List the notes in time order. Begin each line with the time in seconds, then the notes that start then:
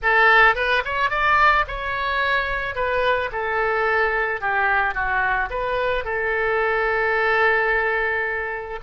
0.02 A4
0.55 B4
0.84 C#5
1.10 D5
1.67 C#5
2.75 B4
3.32 A4
4.40 G4
4.94 F#4
5.50 B4
6.04 A4